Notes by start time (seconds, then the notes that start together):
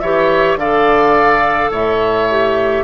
0.00 E3 G4 C#5 E5
0.56 D3 A4 D5 F5
1.71 A2 C#5 E5
2.31 G4